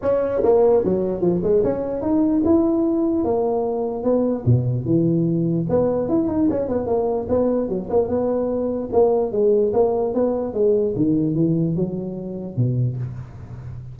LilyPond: \new Staff \with { instrumentName = "tuba" } { \time 4/4 \tempo 4 = 148 cis'4 ais4 fis4 f8 gis8 | cis'4 dis'4 e'2 | ais2 b4 b,4 | e2 b4 e'8 dis'8 |
cis'8 b8 ais4 b4 fis8 ais8 | b2 ais4 gis4 | ais4 b4 gis4 dis4 | e4 fis2 b,4 | }